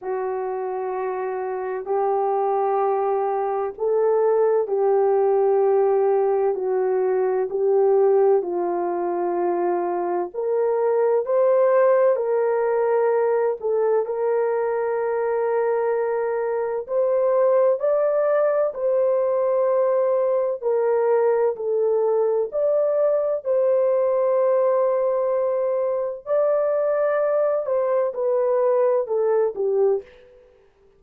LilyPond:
\new Staff \with { instrumentName = "horn" } { \time 4/4 \tempo 4 = 64 fis'2 g'2 | a'4 g'2 fis'4 | g'4 f'2 ais'4 | c''4 ais'4. a'8 ais'4~ |
ais'2 c''4 d''4 | c''2 ais'4 a'4 | d''4 c''2. | d''4. c''8 b'4 a'8 g'8 | }